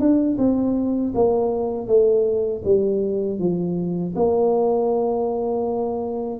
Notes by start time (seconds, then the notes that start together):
0.00 D4
0.39 C4
1.15 A#3
1.88 A3
2.65 G3
3.40 F3
4.16 A#3